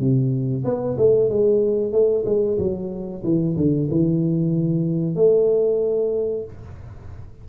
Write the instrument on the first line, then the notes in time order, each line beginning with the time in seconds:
tuba
0.00 C3
0.65 B3
0.98 A3
1.30 G#3
1.92 A3
2.26 G#3
2.58 F#3
3.24 E3
3.57 D3
3.91 E3
5.16 A3